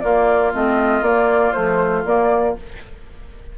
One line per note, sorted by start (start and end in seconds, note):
0.00 0.53 A#3
0.00 2.58 F4
0.00 0.51 D5
0.53 1.01 A3
0.53 1.03 C4
0.53 1.03 D#5
1.01 1.52 A#3
1.01 1.54 A#3
1.01 1.52 D5
1.52 2.05 F3
1.52 2.05 A3
1.52 2.03 C5
2.05 2.56 A#3
2.05 2.56 D5